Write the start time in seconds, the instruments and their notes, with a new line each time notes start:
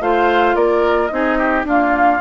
0.00 bassoon A3, clarinet F4, oboe C5, flute F5
0.55 bassoon A#3, oboe A#4, flute D5
1.07 bassoon C4, clarinet D#4, flute D#5
1.14 oboe G#4
1.38 oboe G4
1.64 clarinet A#3, bassoon D4, oboe F4, flute F5